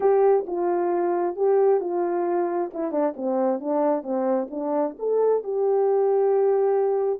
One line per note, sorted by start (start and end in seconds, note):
0.00 0.45 G4
0.47 1.35 F4
1.35 1.80 G4
1.80 2.70 F4
2.73 2.91 E4
2.91 3.14 D4
3.16 3.59 C4
3.59 4.03 D4
4.03 4.48 C4
4.50 4.95 D4
4.98 5.43 A4
5.43 7.20 G4